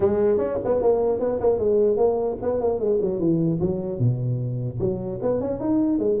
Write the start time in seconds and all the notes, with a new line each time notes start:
0.00 G#3
0.37 C#4
0.64 B3
0.82 A#3
1.19 B3
1.40 A#3
1.58 G#3
1.97 A#3
2.42 B3
2.61 A#3
2.79 G#3
3.01 F#3
3.19 E3
3.60 F#3
3.98 B2
4.79 F#3
5.22 B3
5.40 C#4
5.60 D#4
5.98 G#3